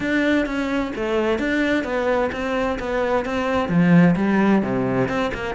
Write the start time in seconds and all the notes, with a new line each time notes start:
0.00 D4
0.46 C#4
0.95 A3
1.38 D4
1.84 B3
2.32 C4
2.79 B3
3.25 C4
3.68 F3
4.16 G3
4.62 C3
5.08 C4
5.34 A#3